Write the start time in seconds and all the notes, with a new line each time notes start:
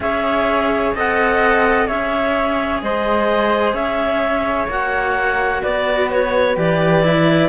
0.00 C#4 G#4 C#5 E5
0.94 C4 A4 D#5 F#5
1.87 C#4 G#4 C#5 E5
2.81 G#3 C5 D#5
3.73 C#4 C#5 E5
4.67 A#3 F#4 F#5
5.62 B3 B4 D5
6.10 C#5
6.56 E3 G4 D5
7.02 E4